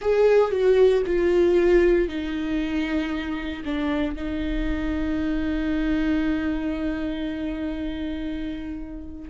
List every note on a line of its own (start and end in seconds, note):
0.00 0.51 G#4
0.51 1.03 F#4
1.06 2.08 F4
2.08 3.63 D#4
3.64 4.15 D4
4.15 9.30 D#4